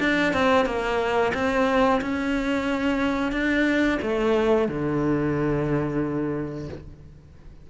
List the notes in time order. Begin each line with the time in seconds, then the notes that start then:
0.00 D4
0.33 C4
0.66 A#3
1.35 C4
2.02 C#4
3.33 D4
4.02 A3
4.69 D3